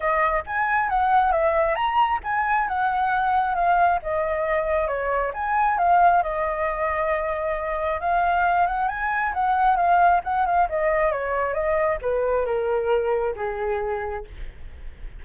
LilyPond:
\new Staff \with { instrumentName = "flute" } { \time 4/4 \tempo 4 = 135 dis''4 gis''4 fis''4 e''4 | ais''4 gis''4 fis''2 | f''4 dis''2 cis''4 | gis''4 f''4 dis''2~ |
dis''2 f''4. fis''8 | gis''4 fis''4 f''4 fis''8 f''8 | dis''4 cis''4 dis''4 b'4 | ais'2 gis'2 | }